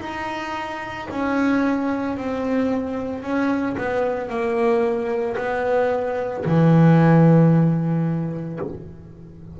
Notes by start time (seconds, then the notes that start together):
0.00 D#4
1.10 C#4
2.17 C4
3.22 C#4
3.76 B3
4.29 A#3
5.37 B3
6.45 E3